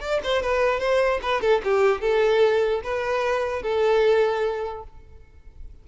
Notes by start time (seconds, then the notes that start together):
0.00 D5
0.23 C5
0.42 B4
0.79 C5
1.22 B4
1.41 A4
1.64 G4
2.01 A4
2.84 B4
3.62 A4